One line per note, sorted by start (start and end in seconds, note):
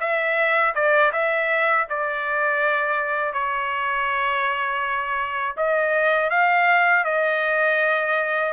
0.00 0.74 E5
0.75 1.12 D5
1.12 1.87 E5
1.90 3.33 D5
3.33 5.56 C#5
5.57 6.30 D#5
6.30 7.04 F5
7.05 8.53 D#5